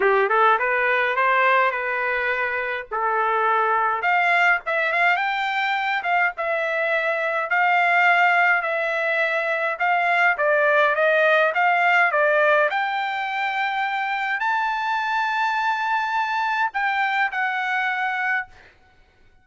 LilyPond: \new Staff \with { instrumentName = "trumpet" } { \time 4/4 \tempo 4 = 104 g'8 a'8 b'4 c''4 b'4~ | b'4 a'2 f''4 | e''8 f''8 g''4. f''8 e''4~ | e''4 f''2 e''4~ |
e''4 f''4 d''4 dis''4 | f''4 d''4 g''2~ | g''4 a''2.~ | a''4 g''4 fis''2 | }